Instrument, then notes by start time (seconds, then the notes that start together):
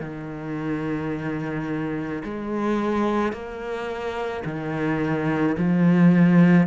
cello
0.00 D#3
2.24 G#3
3.32 A#3
4.45 D#3
5.58 F3